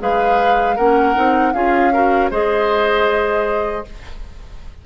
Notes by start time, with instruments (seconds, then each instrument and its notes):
0.00 bassoon G#3, clarinet G#4, oboe B4, flute F5
0.76 bassoon A#3, clarinet C#4, oboe A#4, flute F#5
1.15 bassoon C4, clarinet D#4
1.53 bassoon C#4, clarinet F4, oboe G#4, flute F5
1.94 clarinet F#4, oboe A#4
2.31 bassoon G#3, clarinet G#4, oboe C5, flute D#5